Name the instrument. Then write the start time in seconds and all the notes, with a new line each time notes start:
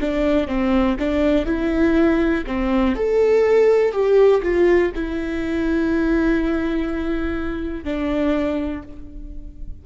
viola
0.00 D4
0.47 C4
0.99 D4
1.46 E4
2.46 C4
2.96 A4
3.92 G4
4.43 F4
4.95 E4
7.84 D4